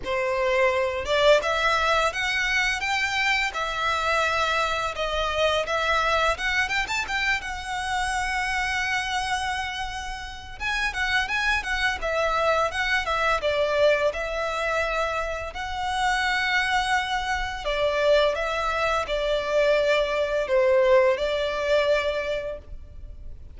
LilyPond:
\new Staff \with { instrumentName = "violin" } { \time 4/4 \tempo 4 = 85 c''4. d''8 e''4 fis''4 | g''4 e''2 dis''4 | e''4 fis''8 g''16 a''16 g''8 fis''4.~ | fis''2. gis''8 fis''8 |
gis''8 fis''8 e''4 fis''8 e''8 d''4 | e''2 fis''2~ | fis''4 d''4 e''4 d''4~ | d''4 c''4 d''2 | }